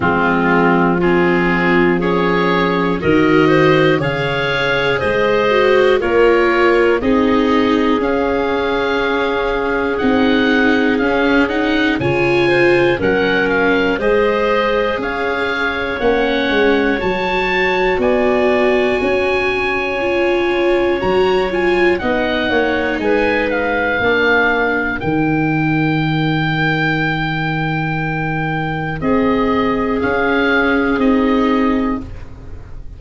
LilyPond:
<<
  \new Staff \with { instrumentName = "oboe" } { \time 4/4 \tempo 4 = 60 f'4 gis'4 cis''4 dis''4 | f''4 dis''4 cis''4 dis''4 | f''2 fis''4 f''8 fis''8 | gis''4 fis''8 f''8 dis''4 f''4 |
fis''4 a''4 gis''2~ | gis''4 ais''8 gis''8 fis''4 gis''8 f''8~ | f''4 g''2.~ | g''4 dis''4 f''4 dis''4 | }
  \new Staff \with { instrumentName = "clarinet" } { \time 4/4 c'4 f'4 gis'4 ais'8 c''8 | cis''4 c''4 ais'4 gis'4~ | gis'1 | cis''8 c''8 ais'4 c''4 cis''4~ |
cis''2 d''4 cis''4~ | cis''2 dis''8 cis''8 b'4 | ais'1~ | ais'4 gis'2. | }
  \new Staff \with { instrumentName = "viola" } { \time 4/4 gis4 c'4 cis'4 fis'4 | gis'4. fis'8 f'4 dis'4 | cis'2 dis'4 cis'8 dis'8 | f'4 cis'4 gis'2 |
cis'4 fis'2. | f'4 fis'8 f'8 dis'2 | d'4 dis'2.~ | dis'2 cis'4 dis'4 | }
  \new Staff \with { instrumentName = "tuba" } { \time 4/4 f2. dis4 | cis4 gis4 ais4 c'4 | cis'2 c'4 cis'4 | cis4 fis4 gis4 cis'4 |
ais8 gis8 fis4 b4 cis'4~ | cis'4 fis4 b8 ais8 gis4 | ais4 dis2.~ | dis4 c'4 cis'4 c'4 | }
>>